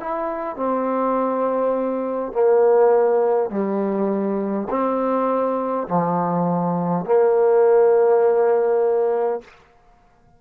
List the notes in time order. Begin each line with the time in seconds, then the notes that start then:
0.00 E4
0.57 C4
2.33 A#3
3.51 G3
4.70 C4
5.88 F3
7.06 A#3